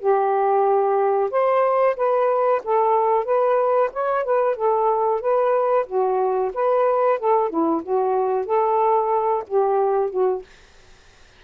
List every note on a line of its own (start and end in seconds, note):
0.00 1.30 G4
1.31 1.97 C5
1.97 2.62 B4
2.64 3.25 A4
3.25 3.90 B4
3.93 4.24 C#5
4.24 4.56 B4
4.56 5.21 A4
5.21 5.86 B4
5.87 6.52 F#4
6.54 7.19 B4
7.19 7.50 A4
7.50 7.83 E4
7.83 8.46 F#4
8.46 9.44 A4
9.48 10.10 G4
10.10 10.43 F#4